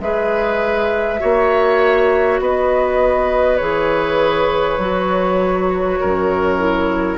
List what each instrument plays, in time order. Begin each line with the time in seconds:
0.00 bassoon G#3, clarinet G#4, oboe B4, flute E5
1.19 bassoon A#3, clarinet F#4, oboe C#5
2.40 bassoon B3, oboe B4, flute D#5
3.57 bassoon E3, clarinet G#4, flute C#5
4.78 bassoon F#3, clarinet F#4
6.00 bassoon F#2, oboe A#4
6.58 clarinet E4